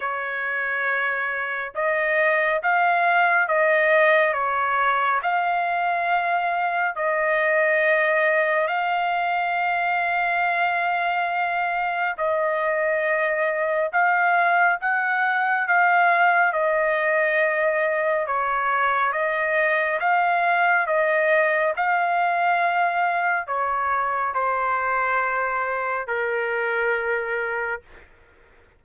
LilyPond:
\new Staff \with { instrumentName = "trumpet" } { \time 4/4 \tempo 4 = 69 cis''2 dis''4 f''4 | dis''4 cis''4 f''2 | dis''2 f''2~ | f''2 dis''2 |
f''4 fis''4 f''4 dis''4~ | dis''4 cis''4 dis''4 f''4 | dis''4 f''2 cis''4 | c''2 ais'2 | }